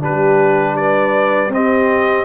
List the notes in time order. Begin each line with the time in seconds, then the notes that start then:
0.00 G3 D4 G4 B4
0.76 B4 D5
1.48 C4 D#5
1.55 G4